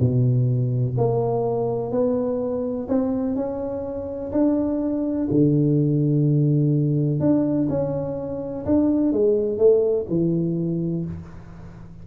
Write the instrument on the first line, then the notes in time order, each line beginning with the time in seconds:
tuba
0.00 B2
0.98 A#3
1.92 B3
2.88 C4
3.36 C#4
4.32 D4
5.31 D3
7.20 D4
7.69 C#4
8.66 D4
9.12 G#3
9.58 A3
10.09 E3